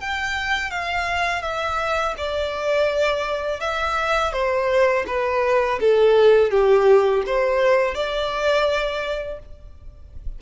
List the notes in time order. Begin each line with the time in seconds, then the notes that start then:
0.00 G5
0.70 F5
1.42 E5
2.17 D5
3.60 E5
4.32 C5
5.07 B4
5.80 A4
6.51 G4
7.26 C5
7.94 D5